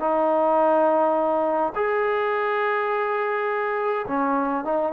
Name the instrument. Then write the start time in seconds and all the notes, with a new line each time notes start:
trombone
0.00 D#4
1.76 G#4
4.08 C#4
4.65 D#4